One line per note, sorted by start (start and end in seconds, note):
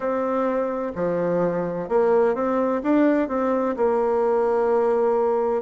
0.00 0.92 C4
0.95 1.88 F3
1.88 2.34 A#3
2.34 2.81 C4
2.83 3.28 D4
3.28 3.75 C4
3.76 5.62 A#3